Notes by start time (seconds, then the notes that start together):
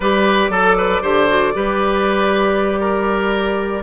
0.00 G3 G4 B4 D5
0.49 F#3 A4
0.77 B4
1.02 D3 G4 C5
1.28 F#4
1.53 G3 G4 B4
2.80 A#4